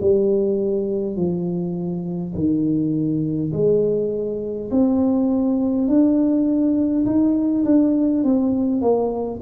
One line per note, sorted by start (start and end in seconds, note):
0.00 1.16 G3
1.16 2.34 F3
2.34 3.52 D#3
3.52 4.70 G#3
4.71 5.88 C4
5.88 7.05 D4
7.05 7.64 D#4
7.64 8.23 D4
8.24 8.81 C4
8.81 9.40 A#3